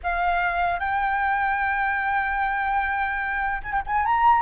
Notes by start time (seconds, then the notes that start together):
0.03 F5
0.79 G5
3.63 G#5
3.72 G5
3.86 G#5
4.05 A#5